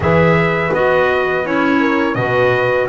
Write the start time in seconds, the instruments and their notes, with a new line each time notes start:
0.00 double bass E3, clarinet G#4, horn B4, trumpet E5
0.73 double bass B3, clarinet F#4, trumpet D#5
1.44 double bass C#4, clarinet E4, trumpet C#5
1.80 horn A#4
2.14 double bass B2, clarinet F#4, horn B4, trumpet D#5